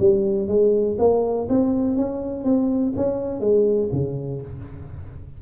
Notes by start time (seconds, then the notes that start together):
0.00 G3
0.48 G#3
0.99 A#3
1.49 C4
1.97 C#4
2.44 C4
2.96 C#4
3.40 G#3
3.92 C#3